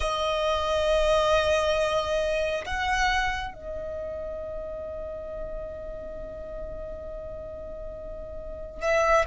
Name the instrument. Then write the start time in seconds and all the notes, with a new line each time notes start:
violin
0.00 D#5
2.65 F#5
3.53 D#5
8.81 E5